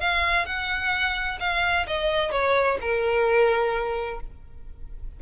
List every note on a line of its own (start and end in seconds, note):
0.00 0.45 F5
0.45 1.38 F#5
1.39 1.86 F5
1.87 2.31 D#5
2.31 2.77 C#5
2.81 4.20 A#4